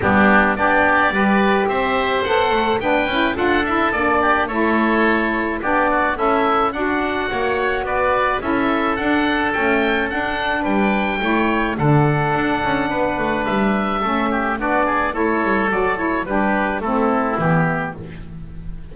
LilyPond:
<<
  \new Staff \with { instrumentName = "oboe" } { \time 4/4 \tempo 4 = 107 g'4 d''2 e''4 | fis''4 g''4 fis''8 e''8 d''4 | cis''2 d''4 e''4 | fis''2 d''4 e''4 |
fis''4 g''4 fis''4 g''4~ | g''4 fis''2. | e''2 d''4 cis''4 | d''8 cis''8 b'4 a'4 g'4 | }
  \new Staff \with { instrumentName = "oboe" } { \time 4/4 d'4 g'4 b'4 c''4~ | c''4 b'4 a'4. g'8 | a'2 g'8 fis'8 e'4 | d'4 cis''4 b'4 a'4~ |
a'2. b'4 | cis''4 a'2 b'4~ | b'4 a'8 g'8 fis'8 gis'8 a'4~ | a'4 g'4 e'2 | }
  \new Staff \with { instrumentName = "saxophone" } { \time 4/4 b4 d'4 g'2 | a'4 d'8 e'8 f'8 e'8 d'4 | e'2 d'4 a'4 | fis'2. e'4 |
d'4 a4 d'2 | e'4 d'2.~ | d'4 cis'4 d'4 e'4 | fis'8 e'8 d'4 c'4 b4 | }
  \new Staff \with { instrumentName = "double bass" } { \time 4/4 g4 b4 g4 c'4 | b8 a8 b8 cis'8 d'4 ais4 | a2 b4 cis'4 | d'4 ais4 b4 cis'4 |
d'4 cis'4 d'4 g4 | a4 d4 d'8 cis'8 b8 a8 | g4 a4 b4 a8 g8 | fis4 g4 a4 e4 | }
>>